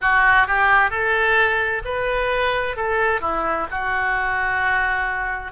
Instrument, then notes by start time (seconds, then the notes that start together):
oboe
0.01 F#4
0.47 G4
0.90 A4
1.85 B4
2.76 A4
3.21 E4
3.70 F#4